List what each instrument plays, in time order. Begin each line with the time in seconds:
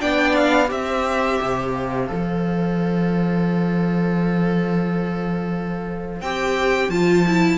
0.00 cello B3, viola D4, violin D5 G5
0.35 violin F5
0.67 cello C4, viola G4, violin C5 E5
1.41 cello C3
1.73 violin F5
2.07 cello F3, viola A4
6.21 cello C4, viola G4, violin G5
6.89 cello F3, viola F4, violin A5
7.27 viola E4